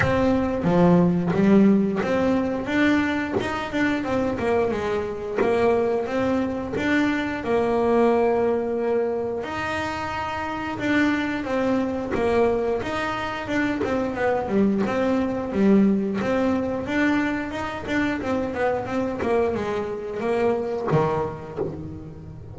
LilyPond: \new Staff \with { instrumentName = "double bass" } { \time 4/4 \tempo 4 = 89 c'4 f4 g4 c'4 | d'4 dis'8 d'8 c'8 ais8 gis4 | ais4 c'4 d'4 ais4~ | ais2 dis'2 |
d'4 c'4 ais4 dis'4 | d'8 c'8 b8 g8 c'4 g4 | c'4 d'4 dis'8 d'8 c'8 b8 | c'8 ais8 gis4 ais4 dis4 | }